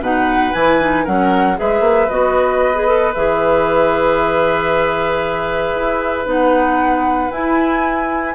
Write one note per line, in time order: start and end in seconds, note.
0.00 0.52 B2
0.00 0.54 D#4
0.00 1.04 B4
0.00 0.53 F#5
0.53 1.06 E3
0.53 0.80 E4
0.53 1.05 G#5
0.80 1.05 D#4
1.04 1.59 F#3
1.04 1.56 C#4
1.04 1.56 A#4
1.04 1.58 F#5
1.56 1.80 G#3
1.56 2.08 G#4
1.56 8.35 B4
1.56 2.09 E5
1.80 2.06 A#3
2.09 3.15 B3
2.09 2.75 F#4
2.09 3.13 D#5
2.75 2.87 G#4
2.87 3.13 A4
3.14 5.75 E3
3.14 6.26 G#4
3.14 6.27 E5
5.75 6.26 E4
6.26 7.30 B3
6.26 7.30 D#4
6.26 7.31 F#5
7.31 8.35 E4
7.31 8.35 G#5